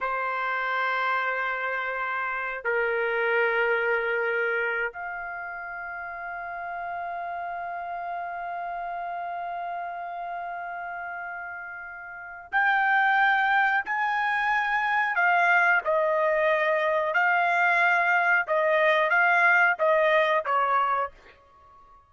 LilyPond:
\new Staff \with { instrumentName = "trumpet" } { \time 4/4 \tempo 4 = 91 c''1 | ais'2.~ ais'8 f''8~ | f''1~ | f''1~ |
f''2. g''4~ | g''4 gis''2 f''4 | dis''2 f''2 | dis''4 f''4 dis''4 cis''4 | }